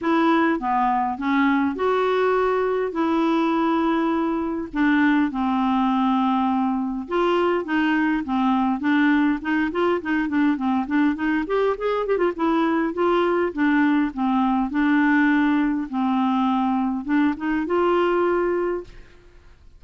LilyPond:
\new Staff \with { instrumentName = "clarinet" } { \time 4/4 \tempo 4 = 102 e'4 b4 cis'4 fis'4~ | fis'4 e'2. | d'4 c'2. | f'4 dis'4 c'4 d'4 |
dis'8 f'8 dis'8 d'8 c'8 d'8 dis'8 g'8 | gis'8 g'16 f'16 e'4 f'4 d'4 | c'4 d'2 c'4~ | c'4 d'8 dis'8 f'2 | }